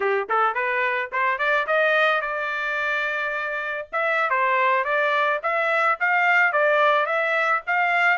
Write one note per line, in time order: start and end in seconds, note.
0.00 0.28 G4
0.29 0.54 A4
0.54 1.10 B4
1.12 1.38 C5
1.38 1.66 D5
1.66 2.21 D#5
2.21 3.87 D5
3.92 4.30 E5
4.30 4.84 C5
4.84 5.39 D5
5.42 5.98 E5
5.99 6.52 F5
6.52 7.06 D5
7.06 7.61 E5
7.66 8.17 F5